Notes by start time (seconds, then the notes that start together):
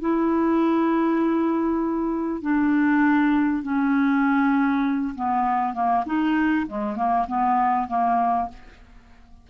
0.00 E4
2.41 D4
3.62 C#4
5.15 B3
5.74 A#3
6.06 D#4
6.67 G#3
6.96 A#3
7.27 B3
7.88 A#3